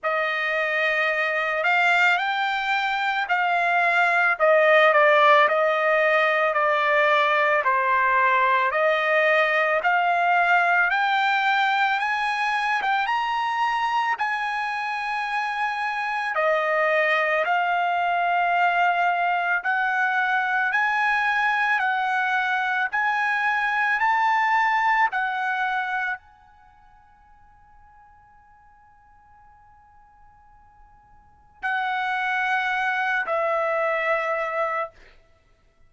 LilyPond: \new Staff \with { instrumentName = "trumpet" } { \time 4/4 \tempo 4 = 55 dis''4. f''8 g''4 f''4 | dis''8 d''8 dis''4 d''4 c''4 | dis''4 f''4 g''4 gis''8. g''16 | ais''4 gis''2 dis''4 |
f''2 fis''4 gis''4 | fis''4 gis''4 a''4 fis''4 | gis''1~ | gis''4 fis''4. e''4. | }